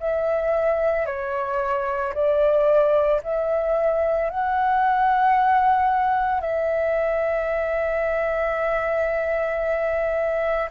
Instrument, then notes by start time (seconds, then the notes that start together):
flute
0.00 E5
1.06 C#5
2.14 D5
3.23 E5
4.30 F#5
6.40 E5